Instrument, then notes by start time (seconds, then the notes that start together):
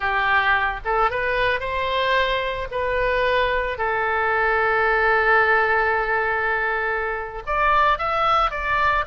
oboe
0.00 G4
0.85 A4
1.10 B4
1.59 C5
2.71 B4
3.78 A4
7.46 D5
7.98 E5
8.50 D5